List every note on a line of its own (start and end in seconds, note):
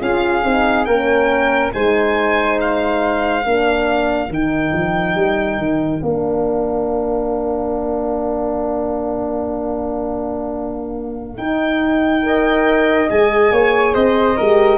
0.00 0.44 C#4
0.00 0.43 F4
0.00 0.87 G#4
0.00 0.85 F5
0.44 0.87 C4
0.44 0.87 D#4
0.85 1.72 A#3
0.85 1.72 C#4
0.85 1.73 A#4
0.85 1.71 G5
1.72 3.45 G#3
1.72 3.44 D#4
1.72 3.46 C5
1.72 2.59 G#5
2.61 4.32 F5
3.45 4.29 A#3
3.45 4.31 D4
3.45 12.24 A#4
4.29 4.72 D#3
4.29 6.04 D#4
4.29 6.02 G5
4.73 5.15 F3
5.15 5.58 G3
5.58 6.01 D#3
6.02 11.38 A#3
6.02 11.40 D4
6.02 11.38 F5
11.38 13.09 D#4
11.38 12.23 D#4
11.38 13.09 G5
12.23 13.08 A#4
12.23 13.53 D#5
13.09 13.51 G#3
13.09 14.37 G#4
13.09 13.94 G#5
13.51 13.94 A#3
13.51 13.94 C#5
13.94 14.38 C4
13.94 14.37 C5
13.94 14.78 D#5
14.37 14.78 G#3
14.37 14.78 G4
14.37 14.78 A#4